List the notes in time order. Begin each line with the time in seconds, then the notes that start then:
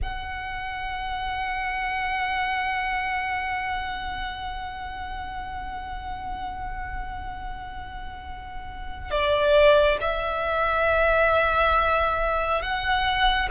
0.02 F#5
9.11 D5
10.00 E5
12.61 F#5